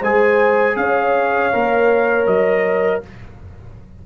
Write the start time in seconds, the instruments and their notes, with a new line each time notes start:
0.00 tuba G#3, trombone G#4, horn C5, trumpet G#5
0.76 tuba C#4, horn C#5, trumpet F5
1.53 tuba A#3, trombone A#4
2.27 tuba F#3, trumpet D#5